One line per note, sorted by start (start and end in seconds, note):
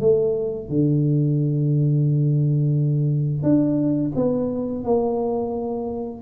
0.00 0.69 A3
0.69 3.43 D3
3.43 4.12 D4
4.15 4.84 B3
4.84 6.22 A#3